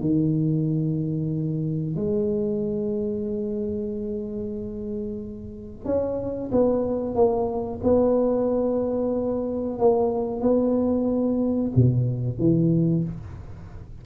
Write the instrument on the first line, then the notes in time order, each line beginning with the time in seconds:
tuba
0.00 D#3
1.96 G#3
5.85 C#4
6.52 B3
7.15 A#3
7.83 B3
9.79 A#3
10.41 B3
11.76 B2
12.39 E3